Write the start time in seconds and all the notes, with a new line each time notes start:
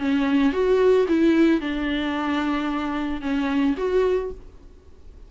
0.00 C#4
0.53 F#4
1.09 E4
1.61 D4
3.22 C#4
3.78 F#4